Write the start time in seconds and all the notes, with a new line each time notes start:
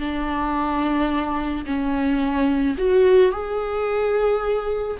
0.00 D4
1.66 C#4
2.78 F#4
3.32 G#4